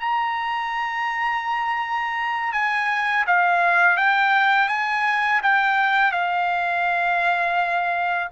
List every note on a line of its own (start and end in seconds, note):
0.00 2.53 A#5
2.53 3.25 G#5
3.27 3.98 F5
3.98 4.69 G5
4.69 5.42 G#5
5.43 6.12 G5
6.12 8.29 F5